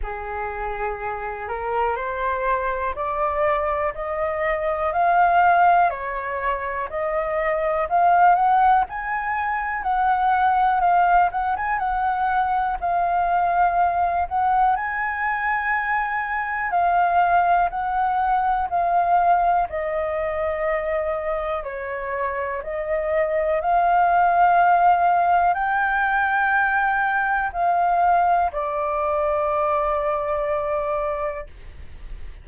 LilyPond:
\new Staff \with { instrumentName = "flute" } { \time 4/4 \tempo 4 = 61 gis'4. ais'8 c''4 d''4 | dis''4 f''4 cis''4 dis''4 | f''8 fis''8 gis''4 fis''4 f''8 fis''16 gis''16 | fis''4 f''4. fis''8 gis''4~ |
gis''4 f''4 fis''4 f''4 | dis''2 cis''4 dis''4 | f''2 g''2 | f''4 d''2. | }